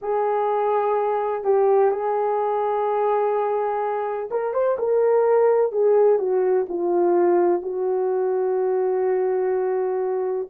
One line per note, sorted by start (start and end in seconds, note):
0.01 1.43 G#4
1.43 1.91 G4
1.91 4.29 G#4
4.30 4.53 A#4
4.53 4.77 C5
4.78 5.71 A#4
5.71 6.18 G#4
6.18 6.66 F#4
6.68 7.62 F4
7.62 10.48 F#4